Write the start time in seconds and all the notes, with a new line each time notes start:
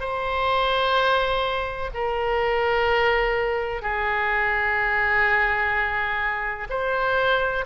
0.00 C5
1.94 A#4
3.82 G#4
6.70 C5